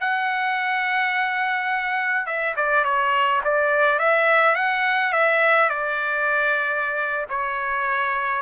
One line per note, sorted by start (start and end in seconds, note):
0.00 2.26 F#5
2.26 2.55 E5
2.56 2.84 D5
2.84 3.41 C#5
3.44 3.99 D5
3.99 4.55 E5
4.55 5.12 F#5
5.12 5.69 E5
5.69 7.26 D5
7.29 8.42 C#5